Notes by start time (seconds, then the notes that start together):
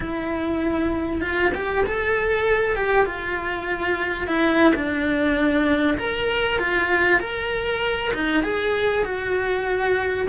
0.00 E4
1.21 F4
1.54 G4
1.86 A4
2.76 G4
3.05 F4
4.27 E4
4.74 D4
5.97 A#4
6.58 F4
7.19 A#4
8.13 D#4
8.43 G#4
9.04 F#4